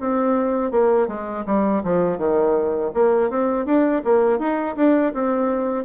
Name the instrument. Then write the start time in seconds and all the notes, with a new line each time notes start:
bassoon
0.00 C4
0.72 A#3
1.08 G#3
1.46 G3
1.84 F3
2.18 D#3
2.94 A#3
3.30 C4
3.66 D4
4.05 A#3
4.39 D#4
4.76 D4
5.14 C4